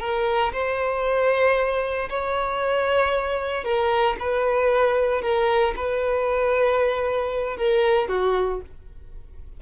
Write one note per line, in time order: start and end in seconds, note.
0.00 0.52 A#4
0.52 2.09 C5
2.09 3.64 C#5
3.64 4.16 A#4
4.19 5.22 B4
5.22 5.74 A#4
5.76 7.57 B4
7.57 8.08 A#4
8.08 8.60 F#4